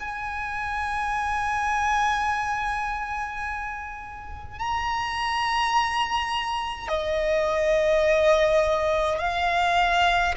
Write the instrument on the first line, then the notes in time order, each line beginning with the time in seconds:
violin
0.00 G#5
4.59 A#5
6.89 D#5
9.19 F5